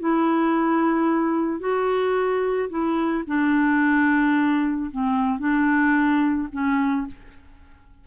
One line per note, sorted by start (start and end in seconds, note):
0.00 1.60 E4
1.60 2.69 F#4
2.70 3.24 E4
3.27 4.91 D4
4.91 5.40 C4
5.40 6.49 D4
6.53 7.07 C#4